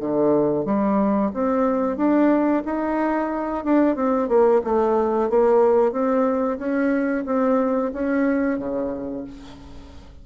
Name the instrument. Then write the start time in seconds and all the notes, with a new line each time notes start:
bassoon
0.00 D3
0.65 G3
1.34 C4
1.97 D4
2.66 D#4
3.65 D4
3.96 C4
4.29 A#3
4.65 A3
5.30 A#3
5.92 C4
6.59 C#4
7.26 C4
7.93 C#4
8.59 C#3